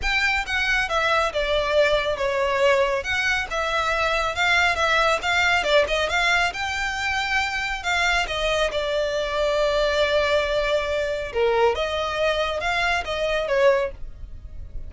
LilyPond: \new Staff \with { instrumentName = "violin" } { \time 4/4 \tempo 4 = 138 g''4 fis''4 e''4 d''4~ | d''4 cis''2 fis''4 | e''2 f''4 e''4 | f''4 d''8 dis''8 f''4 g''4~ |
g''2 f''4 dis''4 | d''1~ | d''2 ais'4 dis''4~ | dis''4 f''4 dis''4 cis''4 | }